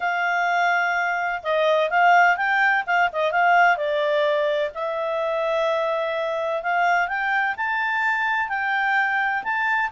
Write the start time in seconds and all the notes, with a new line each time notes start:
0.00 F5
1.42 D#5
1.90 F5
2.36 G5
2.86 F5
3.12 D#5
3.31 F5
3.76 D5
4.74 E5
6.62 F5
7.08 G5
7.56 A5
8.48 G5
9.43 A5